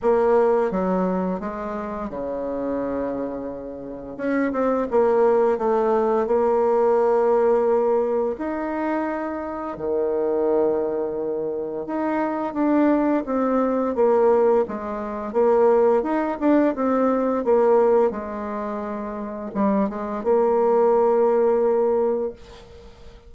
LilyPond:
\new Staff \with { instrumentName = "bassoon" } { \time 4/4 \tempo 4 = 86 ais4 fis4 gis4 cis4~ | cis2 cis'8 c'8 ais4 | a4 ais2. | dis'2 dis2~ |
dis4 dis'4 d'4 c'4 | ais4 gis4 ais4 dis'8 d'8 | c'4 ais4 gis2 | g8 gis8 ais2. | }